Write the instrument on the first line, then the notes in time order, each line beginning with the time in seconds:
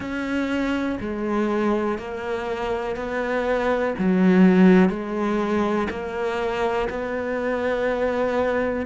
cello
0.00 C#4
1.00 G#3
1.98 A#3
2.96 B3
3.98 F#3
4.89 G#3
5.90 A#3
6.89 B3